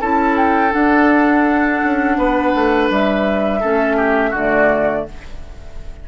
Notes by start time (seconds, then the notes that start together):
0.00 C#4 E4 A4 A5
0.37 G5
0.70 D4 F#5
1.84 C#4
2.17 B3 B4
2.55 A3
2.90 G3 E5
3.60 A3 C#4 A4
3.96 G4
4.30 D3 A3 F#4 D5